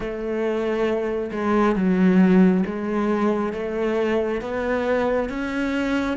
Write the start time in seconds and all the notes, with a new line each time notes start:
0.00 A3
1.31 G#3
1.75 F#3
2.66 G#3
3.53 A3
4.41 B3
5.29 C#4